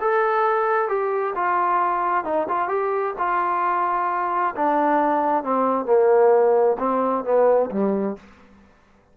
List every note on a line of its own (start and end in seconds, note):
0.00 0.88 A4
0.88 1.34 G4
1.35 2.24 F4
2.24 2.47 D#4
2.48 2.68 F4
2.68 3.14 G4
3.18 4.55 F4
4.55 5.43 D4
5.43 5.86 C4
5.86 6.76 A#3
6.79 7.24 C4
7.24 7.70 B3
7.71 8.16 G3